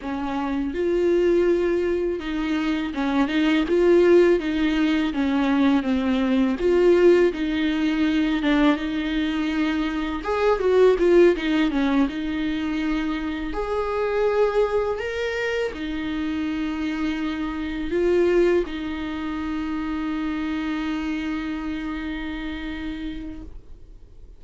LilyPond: \new Staff \with { instrumentName = "viola" } { \time 4/4 \tempo 4 = 82 cis'4 f'2 dis'4 | cis'8 dis'8 f'4 dis'4 cis'4 | c'4 f'4 dis'4. d'8 | dis'2 gis'8 fis'8 f'8 dis'8 |
cis'8 dis'2 gis'4.~ | gis'8 ais'4 dis'2~ dis'8~ | dis'8 f'4 dis'2~ dis'8~ | dis'1 | }